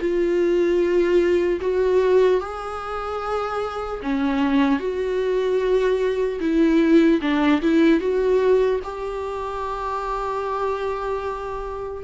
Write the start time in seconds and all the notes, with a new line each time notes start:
0.00 F4
1.61 F#4
2.41 G#4
4.03 C#4
4.79 F#4
6.40 E4
7.21 D4
7.62 E4
8.00 F#4
8.84 G4